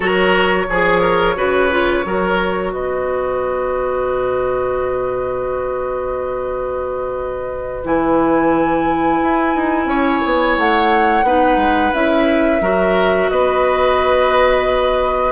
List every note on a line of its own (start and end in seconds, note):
0.00 0.67 F#3
0.00 0.66 F#4
0.00 0.66 A#4
0.00 2.71 C#5
0.69 1.36 F3
0.69 1.01 G#4
0.69 1.35 G#4
1.01 1.35 A#4
1.35 2.04 C#3
1.35 1.69 F#4
1.35 2.05 B4
1.70 2.03 F4
2.03 2.73 F#3
2.03 7.83 F#4
2.03 2.72 A#4
2.71 7.84 B2
2.71 9.88 B4
2.71 7.83 D#5
7.84 9.20 E3
7.84 11.24 E4
7.84 10.58 G#5
9.22 9.55 E4
9.55 9.85 D#4
9.85 10.19 C#4
9.85 11.25 C#5
10.24 10.57 B3
10.57 11.22 A3
10.57 11.93 F#5
11.22 11.57 B3
11.22 11.93 D#4
11.22 12.62 B4
11.57 11.91 G#3
11.93 12.61 C#4
11.93 12.61 E4
11.93 13.29 E5
12.61 13.29 F#3
12.61 15.32 F#4
12.61 13.30 A#4
13.29 15.32 B3
13.29 15.32 B4
13.29 15.32 D#5